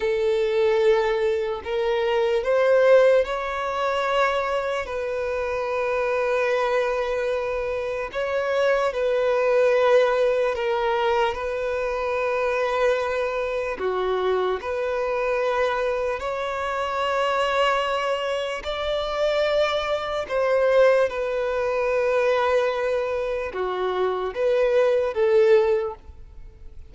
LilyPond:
\new Staff \with { instrumentName = "violin" } { \time 4/4 \tempo 4 = 74 a'2 ais'4 c''4 | cis''2 b'2~ | b'2 cis''4 b'4~ | b'4 ais'4 b'2~ |
b'4 fis'4 b'2 | cis''2. d''4~ | d''4 c''4 b'2~ | b'4 fis'4 b'4 a'4 | }